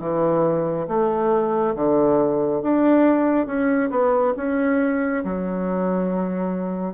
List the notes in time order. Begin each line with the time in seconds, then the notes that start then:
0.00 E3
0.88 A3
1.75 D3
2.62 D4
3.47 C#4
3.90 B3
4.37 C#4
5.25 F#3